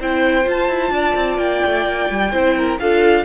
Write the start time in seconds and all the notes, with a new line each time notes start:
0.00 C4 E4 C5 G5
0.44 F4 A5
0.68 E4
0.91 D4 D5
1.15 C4
1.38 A#3 G5
1.66 A3
1.86 A#3
2.10 G3
2.32 C4 E4 C5
2.58 A#4
2.80 D4 F4 A4 F5